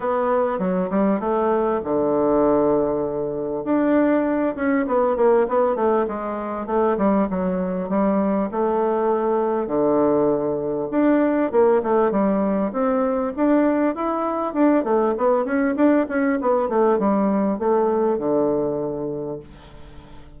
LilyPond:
\new Staff \with { instrumentName = "bassoon" } { \time 4/4 \tempo 4 = 99 b4 fis8 g8 a4 d4~ | d2 d'4. cis'8 | b8 ais8 b8 a8 gis4 a8 g8 | fis4 g4 a2 |
d2 d'4 ais8 a8 | g4 c'4 d'4 e'4 | d'8 a8 b8 cis'8 d'8 cis'8 b8 a8 | g4 a4 d2 | }